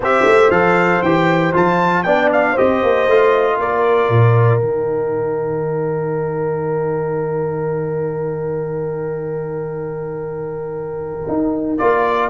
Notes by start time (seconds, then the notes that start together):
0.00 C4 G4 C5 E5
0.25 A3
0.50 F3 A4 F5
1.02 E3 G4 G5
1.53 F3 F4 A5
2.03 B3 D4 D5 G5
2.32 F5
2.52 G4 C5 D#5
2.59 C4
2.82 A#3
3.07 A3 F4
3.58 A#3 A#4 D5
4.09 A#2
4.59 D#3 D#4 G5
11.27 D#4
11.77 A#3 F4 D5